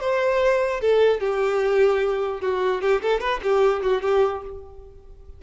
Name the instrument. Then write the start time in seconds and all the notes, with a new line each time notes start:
violin
0.00 C5
0.81 A4
1.20 G4
2.41 F#4
2.81 G4
3.01 A4
3.20 B4
3.43 G4
3.83 F#4
4.02 G4